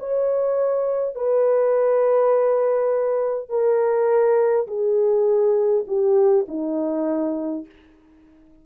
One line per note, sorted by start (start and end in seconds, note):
0.00 1.16 C#5
1.16 3.49 B4
3.49 4.67 A#4
4.68 5.85 G#4
5.87 6.46 G4
6.48 7.66 D#4